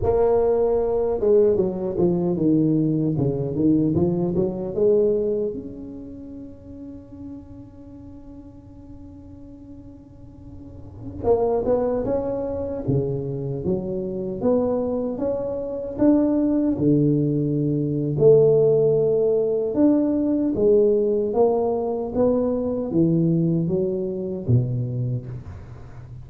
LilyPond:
\new Staff \with { instrumentName = "tuba" } { \time 4/4 \tempo 4 = 76 ais4. gis8 fis8 f8 dis4 | cis8 dis8 f8 fis8 gis4 cis'4~ | cis'1~ | cis'2~ cis'16 ais8 b8 cis'8.~ |
cis'16 cis4 fis4 b4 cis'8.~ | cis'16 d'4 d4.~ d16 a4~ | a4 d'4 gis4 ais4 | b4 e4 fis4 b,4 | }